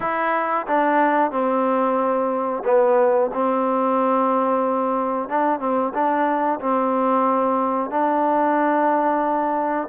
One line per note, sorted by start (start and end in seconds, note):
0.00 0.66 E4
0.67 1.31 D4
1.31 2.63 C4
2.64 3.30 B3
3.33 5.29 C4
5.29 5.59 D4
5.59 5.92 C4
5.93 6.59 D4
6.60 7.90 C4
7.90 9.88 D4